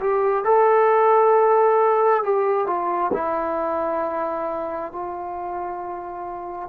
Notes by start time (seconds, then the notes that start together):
0.00 G4
0.44 A4
2.23 G4
2.67 F4
3.13 E4
4.92 F4